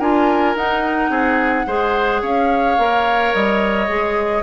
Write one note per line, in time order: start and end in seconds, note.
0.00 0.56 D4
0.00 0.57 F4
0.00 1.11 A#4
0.00 0.56 G#5
0.56 1.10 D#4
0.56 1.67 D#4
0.56 2.24 F#5
1.10 1.66 C4
1.10 1.66 G#4
1.67 2.22 G#3
1.67 2.78 G#4
1.67 2.22 C5
2.22 2.78 C#4
2.22 4.43 C#5
2.22 3.34 F5
2.78 3.34 A#3
2.78 3.88 A#4
3.34 3.89 G3
3.34 4.43 D#5
3.88 4.43 G#3
3.88 4.43 G#4